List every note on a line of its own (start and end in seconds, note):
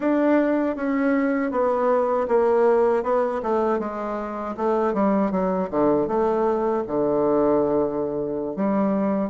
0.00 0.76 D4
0.76 1.51 C#4
1.51 2.27 B3
2.28 3.03 A#3
3.03 3.41 B3
3.42 3.79 A3
3.79 4.55 G#3
4.56 4.93 A3
4.93 5.31 G3
5.31 5.69 F#3
5.70 6.07 D3
6.07 6.83 A3
6.87 8.55 D3
8.55 9.30 G3